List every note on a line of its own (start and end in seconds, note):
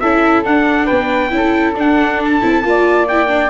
0.00 0.46 C#4
0.00 0.45 E4
0.00 0.86 A4
0.00 0.44 E5
0.45 1.30 D4
0.45 0.89 D4
0.45 0.87 F#5
0.86 1.32 B3
0.86 1.30 B4
0.86 1.75 G5
1.30 1.76 C#4
1.30 1.74 E4
1.36 2.67 A4
1.76 2.42 D4
1.76 2.41 D4
1.76 2.24 F#5
2.25 3.08 A5
2.41 2.64 C4
2.41 2.63 E4
2.64 3.50 A#3
2.64 3.08 F4
2.64 3.50 D5
3.08 3.28 E4
3.08 3.50 G5
3.28 3.50 D4